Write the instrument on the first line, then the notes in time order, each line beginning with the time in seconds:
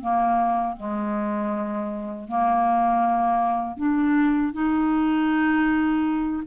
clarinet
0.00 A#3
0.76 G#3
2.28 A#3
3.77 D4
4.53 D#4